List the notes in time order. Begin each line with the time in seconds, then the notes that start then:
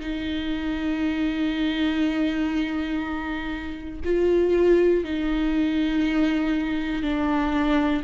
0.00 D#4
4.04 F4
5.04 D#4
7.03 D4